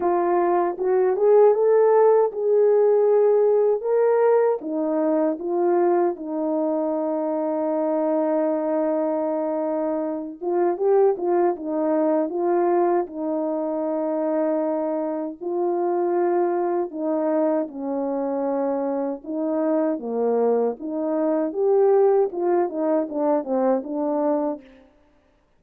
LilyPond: \new Staff \with { instrumentName = "horn" } { \time 4/4 \tempo 4 = 78 f'4 fis'8 gis'8 a'4 gis'4~ | gis'4 ais'4 dis'4 f'4 | dis'1~ | dis'4. f'8 g'8 f'8 dis'4 |
f'4 dis'2. | f'2 dis'4 cis'4~ | cis'4 dis'4 ais4 dis'4 | g'4 f'8 dis'8 d'8 c'8 d'4 | }